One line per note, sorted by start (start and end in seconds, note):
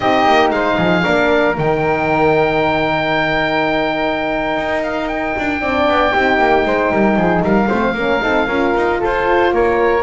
0.00 0.26 C4
0.00 1.03 D#4
0.00 0.53 G4
0.00 0.49 D#5
0.27 0.51 A#3
0.51 0.77 G#3
0.51 0.77 C5
0.51 1.55 F5
0.77 1.04 F3
0.77 1.03 G#4
1.03 1.57 A#3
1.03 1.55 D4
1.03 5.59 A#4
1.56 4.56 D#3
1.56 5.60 D#4
1.56 4.83 G5
4.56 5.34 D#4
4.83 5.08 F5
5.08 7.42 G5
5.38 5.61 D4
5.60 5.87 C4
5.60 6.11 D4
5.60 6.12 D5
5.87 6.13 B3
6.11 6.38 C4
6.11 7.67 D#4
6.11 6.64 G4
6.38 6.64 A#3
6.65 6.91 G#3
6.65 6.91 C5
6.91 7.16 G3
6.91 7.17 A#4
7.16 7.42 F3
7.16 7.42 G#4
7.42 7.68 G3
7.42 7.67 A#4
7.42 9.00 F5
7.67 7.93 A3
7.67 7.95 C4
7.67 7.93 C5
7.93 8.19 A#3
7.93 8.20 C#4
7.93 8.22 A#4
8.20 8.47 C4
8.20 8.47 D#4
8.20 8.46 A4
8.46 8.73 C#4
8.46 10.02 F4
8.46 8.99 A#4
8.75 9.02 D#4
8.99 9.52 F4
8.99 9.51 A4
8.99 9.54 C5
9.52 10.02 A#3
9.52 10.02 A#4
9.52 10.02 C#5